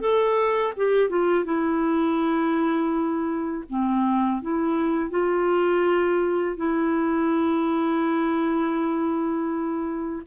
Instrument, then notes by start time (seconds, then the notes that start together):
clarinet
0.00 A4
0.76 G4
1.09 F4
1.44 E4
3.69 C4
4.42 E4
5.10 F4
6.57 E4